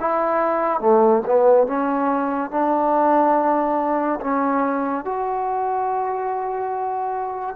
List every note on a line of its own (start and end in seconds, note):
0.00 0.80 E4
0.80 1.22 A3
1.26 1.67 B3
1.67 2.50 C#4
2.50 4.19 D4
4.20 5.04 C#4
5.04 7.55 F#4